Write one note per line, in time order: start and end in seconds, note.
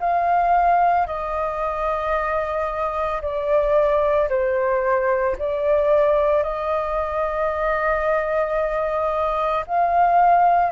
0.00 1.07 F5
1.07 3.21 D#5
3.22 4.29 D5
4.29 5.36 C5
5.39 6.43 D5
6.43 9.65 D#5
9.67 10.72 F5